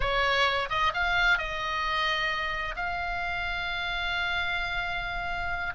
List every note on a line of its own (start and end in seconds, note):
0.00 0.69 C#5
0.69 0.92 D#5
0.94 1.37 F5
1.37 2.75 D#5
2.75 5.73 F5